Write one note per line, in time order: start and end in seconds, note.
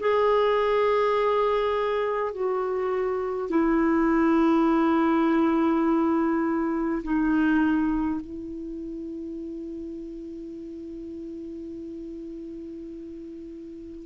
0.00 2.33 G#4
2.33 3.50 F#4
3.50 7.03 E4
7.04 8.21 D#4
8.21 14.06 E4